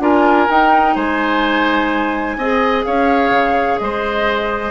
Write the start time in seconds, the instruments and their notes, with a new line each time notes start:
0.00 bassoon D4, clarinet F4, oboe A#4, flute G#5
0.50 bassoon D#4, clarinet D#4, flute G5
0.96 bassoon G#3, oboe C5, flute G#5
2.37 bassoon C4, clarinet G#4, oboe D#5
2.85 bassoon C#4, oboe C#5, flute F5
3.31 bassoon C#3
3.79 bassoon G#3, oboe C5, flute D#5